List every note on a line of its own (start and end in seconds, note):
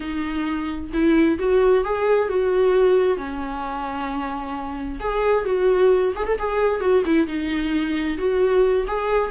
0.00 0.90 D#4
0.93 1.38 E4
1.38 1.84 F#4
1.84 2.29 G#4
2.29 3.17 F#4
3.17 4.99 C#4
5.00 5.44 G#4
5.44 6.13 F#4
6.15 6.26 G#4
6.26 6.38 A4
6.38 6.80 G#4
6.80 7.03 F#4
7.05 7.27 E4
7.27 8.17 D#4
8.17 8.85 F#4
8.87 9.31 G#4